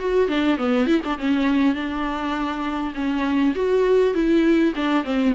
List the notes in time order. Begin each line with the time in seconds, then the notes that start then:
0.00 F#4
0.29 D4
0.58 B3
0.87 E4
1.05 D4
1.19 C#4
1.75 D4
2.95 C#4
3.56 F#4
4.14 E4
4.76 D4
5.05 C4